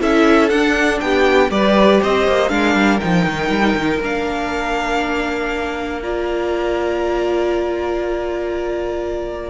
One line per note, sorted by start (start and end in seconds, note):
0.00 0.51 C#4
0.00 0.50 E4
0.00 1.01 A4
0.00 0.49 E5
0.49 1.01 D4
0.49 1.51 D4
0.49 0.99 F#5
1.00 1.50 B3
1.00 1.52 G4
1.00 1.50 G5
1.50 2.00 G3
1.50 2.49 G4
1.50 2.01 B4
1.50 2.01 D5
2.01 2.28 C4
2.01 2.51 C5
2.01 2.49 D#5
2.28 2.51 A#3
2.49 2.75 G#3
2.49 2.99 D4
2.49 6.03 A#4
2.49 2.99 F5
2.75 3.00 G3
3.00 3.26 F3
3.00 4.02 D#4
3.00 4.00 G5
3.26 3.49 D#3
3.49 3.74 G3
3.75 4.00 D#3
4.01 9.50 A#3
4.01 6.02 D4
4.01 6.02 F5
6.02 9.50 F4
6.02 9.50 D5
6.02 9.50 A#5